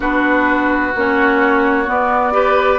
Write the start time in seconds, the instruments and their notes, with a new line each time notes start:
0.00 bassoon B3, clarinet D4, oboe F#4, flute B4
0.94 bassoon A#3, clarinet C#4, flute C#5
1.85 clarinet B3, bassoon B3, flute D5
2.32 clarinet G4, oboe B4